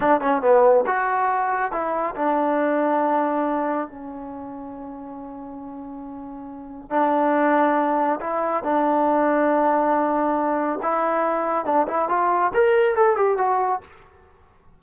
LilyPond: \new Staff \with { instrumentName = "trombone" } { \time 4/4 \tempo 4 = 139 d'8 cis'8 b4 fis'2 | e'4 d'2.~ | d'4 cis'2.~ | cis'1 |
d'2. e'4 | d'1~ | d'4 e'2 d'8 e'8 | f'4 ais'4 a'8 g'8 fis'4 | }